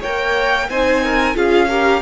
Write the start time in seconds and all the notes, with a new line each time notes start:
0.00 A#3 A#4 C#5 G5
0.69 C4 D#4 C5 G#5
1.04 A#4
1.35 C#4 F4 G#4 F5
1.69 G4 A#4